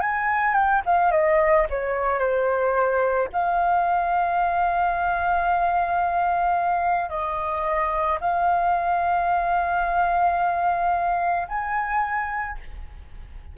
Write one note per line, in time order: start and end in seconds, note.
0.00 0.54 G#5
0.54 0.81 G5
0.85 1.11 F5
1.11 1.66 D#5
1.70 2.19 C#5
2.19 3.28 C5
3.32 7.09 F5
7.09 8.18 D#5
8.20 11.47 F5
11.48 12.57 G#5